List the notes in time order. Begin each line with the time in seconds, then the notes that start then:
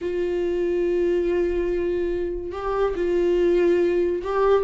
0.01 F4
2.52 G4
2.95 F4
4.23 G4